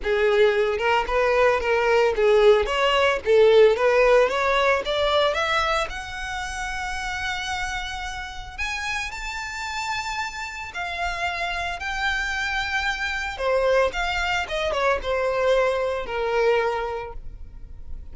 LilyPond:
\new Staff \with { instrumentName = "violin" } { \time 4/4 \tempo 4 = 112 gis'4. ais'8 b'4 ais'4 | gis'4 cis''4 a'4 b'4 | cis''4 d''4 e''4 fis''4~ | fis''1 |
gis''4 a''2. | f''2 g''2~ | g''4 c''4 f''4 dis''8 cis''8 | c''2 ais'2 | }